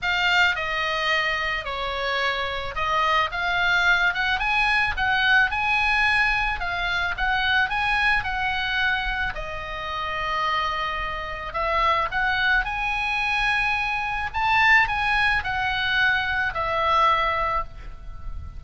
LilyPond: \new Staff \with { instrumentName = "oboe" } { \time 4/4 \tempo 4 = 109 f''4 dis''2 cis''4~ | cis''4 dis''4 f''4. fis''8 | gis''4 fis''4 gis''2 | f''4 fis''4 gis''4 fis''4~ |
fis''4 dis''2.~ | dis''4 e''4 fis''4 gis''4~ | gis''2 a''4 gis''4 | fis''2 e''2 | }